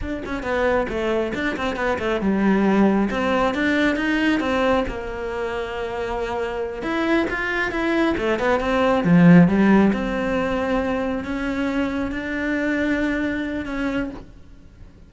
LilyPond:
\new Staff \with { instrumentName = "cello" } { \time 4/4 \tempo 4 = 136 d'8 cis'8 b4 a4 d'8 c'8 | b8 a8 g2 c'4 | d'4 dis'4 c'4 ais4~ | ais2.~ ais8 e'8~ |
e'8 f'4 e'4 a8 b8 c'8~ | c'8 f4 g4 c'4.~ | c'4. cis'2 d'8~ | d'2. cis'4 | }